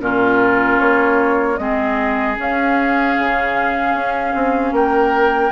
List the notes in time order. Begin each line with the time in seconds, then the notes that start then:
0.00 A#2 C#4 F4 A#4
0.80 A#3 C#5
1.58 G#3 C4 G#4 D#5
2.37 C#4 F5
3.19 C#3
3.95 C#4
4.35 C4
4.72 A#3 A#4 G5